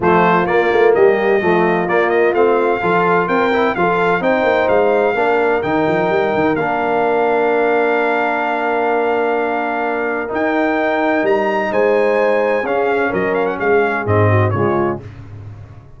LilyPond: <<
  \new Staff \with { instrumentName = "trumpet" } { \time 4/4 \tempo 4 = 128 c''4 d''4 dis''2 | d''8 dis''8 f''2 g''4 | f''4 g''4 f''2 | g''2 f''2~ |
f''1~ | f''2 g''2 | ais''4 gis''2 f''4 | dis''8 f''16 fis''16 f''4 dis''4 cis''4 | }
  \new Staff \with { instrumentName = "horn" } { \time 4/4 f'2 g'4 f'4~ | f'2 a'4 ais'4 | a'4 c''2 ais'4~ | ais'1~ |
ais'1~ | ais'1~ | ais'4 c''2 gis'4 | ais'4 gis'4. fis'8 f'4 | }
  \new Staff \with { instrumentName = "trombone" } { \time 4/4 a4 ais2 a4 | ais4 c'4 f'4. e'8 | f'4 dis'2 d'4 | dis'2 d'2~ |
d'1~ | d'2 dis'2~ | dis'2. cis'4~ | cis'2 c'4 gis4 | }
  \new Staff \with { instrumentName = "tuba" } { \time 4/4 f4 ais8 a8 g4 f4 | ais4 a4 f4 c'4 | f4 c'8 ais8 gis4 ais4 | dis8 f8 g8 dis8 ais2~ |
ais1~ | ais2 dis'2 | g4 gis2 cis'4 | fis4 gis4 gis,4 cis4 | }
>>